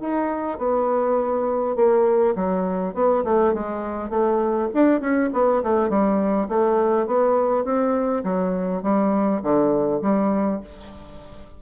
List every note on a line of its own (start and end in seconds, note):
0.00 0.58 D#4
0.58 1.75 B3
1.75 2.34 A#3
2.35 2.94 F#3
2.94 3.23 B3
3.24 3.53 A3
3.53 4.09 G#3
4.09 4.68 A3
4.73 5.00 D4
5.00 5.29 C#4
5.33 5.62 B3
5.63 5.89 A3
5.89 6.48 G3
6.48 7.06 A3
7.06 7.64 B3
7.64 8.23 C4
8.23 8.82 F#3
8.82 9.41 G3
9.42 10.01 D3
10.01 10.60 G3